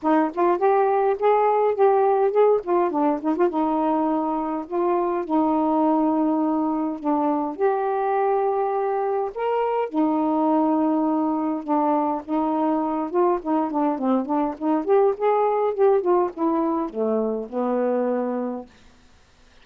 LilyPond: \new Staff \with { instrumentName = "saxophone" } { \time 4/4 \tempo 4 = 103 dis'8 f'8 g'4 gis'4 g'4 | gis'8 f'8 d'8 dis'16 f'16 dis'2 | f'4 dis'2. | d'4 g'2. |
ais'4 dis'2. | d'4 dis'4. f'8 dis'8 d'8 | c'8 d'8 dis'8 g'8 gis'4 g'8 f'8 | e'4 a4 b2 | }